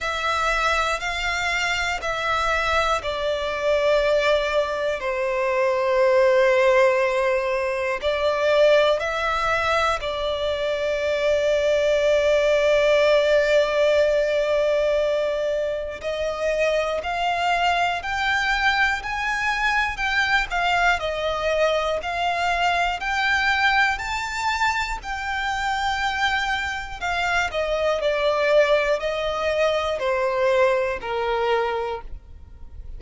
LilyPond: \new Staff \with { instrumentName = "violin" } { \time 4/4 \tempo 4 = 60 e''4 f''4 e''4 d''4~ | d''4 c''2. | d''4 e''4 d''2~ | d''1 |
dis''4 f''4 g''4 gis''4 | g''8 f''8 dis''4 f''4 g''4 | a''4 g''2 f''8 dis''8 | d''4 dis''4 c''4 ais'4 | }